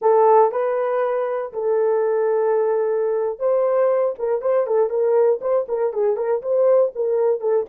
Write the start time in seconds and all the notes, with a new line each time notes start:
0.01 A4
0.51 B4
1.52 A4
3.39 C5
4.18 A#4
4.41 C5
4.67 A4
4.89 A#4
5.41 C5
5.68 A#4
5.93 G#4
6.16 A#4
6.42 C5
6.95 A#4
7.40 A4